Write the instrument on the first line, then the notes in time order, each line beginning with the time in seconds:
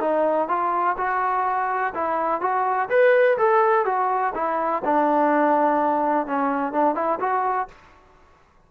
trombone
0.00 D#4
0.48 F4
0.97 F#4
1.94 E4
2.41 F#4
2.89 B4
3.38 A4
3.85 F#4
4.35 E4
4.84 D4
6.26 C#4
6.73 D4
6.95 E4
7.20 F#4